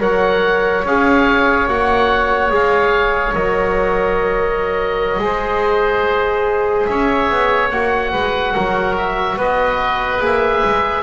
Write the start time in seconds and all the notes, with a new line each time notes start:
0.00 F#3 A#4 C#5 F#5
0.85 C#4 G#4 F5
1.68 A#3 F#4 F#5
2.50 G#3 G#4 F5
3.35 F#3 A#4 D#5
5.19 G#3 G#4 C5
6.86 C#4 C#5 E5
7.31 B3
7.72 A#3 F#4 F#5
8.12 G#3 B4
8.55 F#3 A#4
8.98 E5
9.37 B3 B4 D#5
10.21 A#3 G#4 E5
10.64 G#3